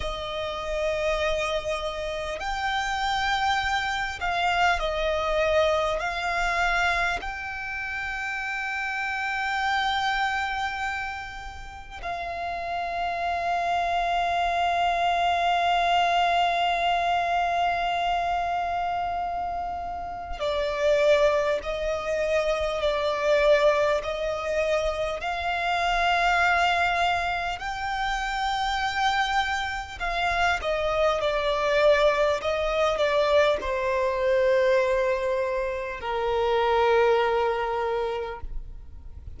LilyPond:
\new Staff \with { instrumentName = "violin" } { \time 4/4 \tempo 4 = 50 dis''2 g''4. f''8 | dis''4 f''4 g''2~ | g''2 f''2~ | f''1~ |
f''4 d''4 dis''4 d''4 | dis''4 f''2 g''4~ | g''4 f''8 dis''8 d''4 dis''8 d''8 | c''2 ais'2 | }